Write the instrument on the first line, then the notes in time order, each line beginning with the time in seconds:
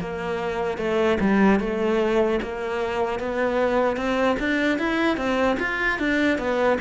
cello
0.00 A#3
0.78 A3
1.21 G3
1.60 A3
2.43 A#3
3.20 B3
3.97 C4
4.40 D4
4.79 E4
5.17 C4
5.60 F4
5.99 D4
6.39 B3